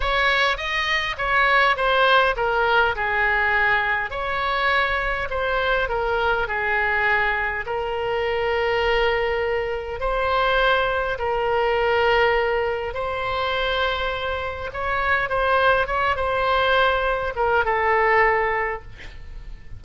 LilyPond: \new Staff \with { instrumentName = "oboe" } { \time 4/4 \tempo 4 = 102 cis''4 dis''4 cis''4 c''4 | ais'4 gis'2 cis''4~ | cis''4 c''4 ais'4 gis'4~ | gis'4 ais'2.~ |
ais'4 c''2 ais'4~ | ais'2 c''2~ | c''4 cis''4 c''4 cis''8 c''8~ | c''4. ais'8 a'2 | }